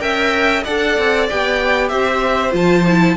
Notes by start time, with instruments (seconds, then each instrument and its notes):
0.00 cello C#4, viola A#4, violin E5 G5
0.64 cello D4, viola A4, violin D5 F#5
0.98 cello C4
1.29 cello B3, viola G4, violin G5
1.89 cello C4, violin C5 E5
2.51 cello F3, viola F4, violin A5
2.87 viola E4